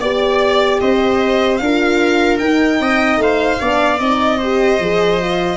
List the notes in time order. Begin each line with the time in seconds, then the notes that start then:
0.00 B3 G4 D5
0.81 C4 C5 D#5
1.58 D4 F4 F5
1.64 A#4
2.39 D#4 G5
2.81 C4 D#5
3.18 A3 C5 F5
3.60 B3 D4 D5
4.00 C4 D#4 D#5
4.38 G4 C5
4.80 F3 G#4
5.20 F4